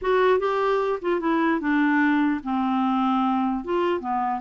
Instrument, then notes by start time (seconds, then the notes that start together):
clarinet
0.01 F#4
0.39 G4
1.01 F4
1.20 E4
1.60 D4
2.43 C4
3.64 F4
4.00 B3